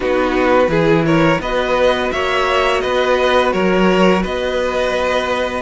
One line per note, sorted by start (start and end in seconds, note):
0.00 0.68 B3
0.00 0.67 D#4
0.00 0.69 F#4
0.00 1.05 B4
0.68 1.38 E3
0.68 1.40 E4
0.68 1.05 G#4
1.05 1.41 A#4
1.05 1.40 C#5
1.39 2.10 B3
1.39 5.62 F#4
1.39 2.12 B4
1.39 2.11 D#5
2.11 2.83 A#3
2.11 2.82 C#5
2.11 2.80 E5
2.80 3.53 B3
2.80 3.53 B4
2.80 3.51 D#5
3.52 4.24 F#3
3.52 4.22 A#4
3.52 4.23 C#5
4.22 5.62 B3
4.22 5.62 B4
4.22 5.62 D#5